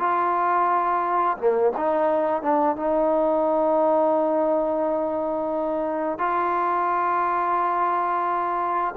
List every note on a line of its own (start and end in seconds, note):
0.00 1.38 F4
1.38 1.73 A#3
1.77 2.42 D#4
2.42 2.76 D4
2.76 6.19 D#4
6.19 8.95 F4